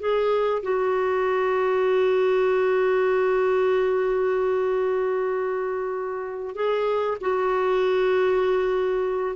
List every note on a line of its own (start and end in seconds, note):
0.00 0.62 G#4
0.63 6.55 F#4
6.55 7.18 G#4
7.21 9.36 F#4